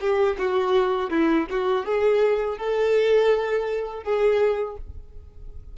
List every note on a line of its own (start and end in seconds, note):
0.00 0.37 G4
0.38 1.10 F#4
1.10 1.47 E4
1.50 1.85 F#4
1.85 2.57 G#4
2.57 4.03 A4
4.03 4.76 G#4